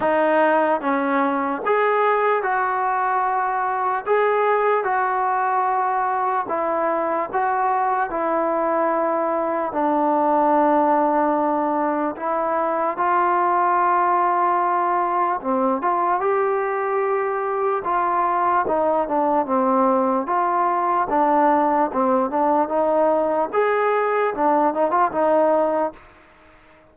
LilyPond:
\new Staff \with { instrumentName = "trombone" } { \time 4/4 \tempo 4 = 74 dis'4 cis'4 gis'4 fis'4~ | fis'4 gis'4 fis'2 | e'4 fis'4 e'2 | d'2. e'4 |
f'2. c'8 f'8 | g'2 f'4 dis'8 d'8 | c'4 f'4 d'4 c'8 d'8 | dis'4 gis'4 d'8 dis'16 f'16 dis'4 | }